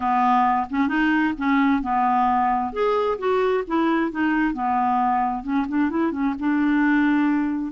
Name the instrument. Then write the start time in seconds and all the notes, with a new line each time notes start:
clarinet
0.00 B3
0.70 C#4
0.88 D#4
1.37 C#4
1.82 B3
2.72 G#4
3.18 F#4
3.67 E4
4.11 D#4
4.53 B3
5.43 C#4
5.68 D4
5.90 E4
6.11 C#4
6.39 D4